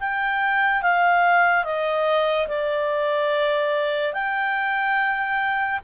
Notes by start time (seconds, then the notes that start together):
0.00 G5
0.82 F5
1.64 D#5
2.48 D5
4.13 G5